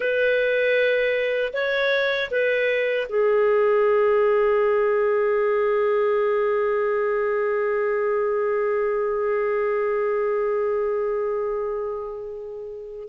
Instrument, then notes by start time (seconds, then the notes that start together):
clarinet
0.00 B4
1.53 C#5
2.30 B4
3.08 G#4